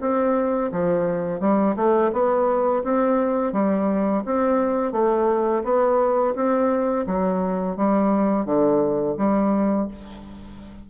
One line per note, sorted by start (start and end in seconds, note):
0.00 0.71 C4
0.72 1.40 F3
1.40 1.75 G3
1.76 2.11 A3
2.12 2.83 B3
2.84 3.52 C4
3.52 4.23 G3
4.25 4.92 C4
4.92 5.62 A3
5.64 6.34 B3
6.35 7.06 C4
7.06 7.76 F#3
7.76 8.45 G3
8.45 9.15 D3
9.17 9.88 G3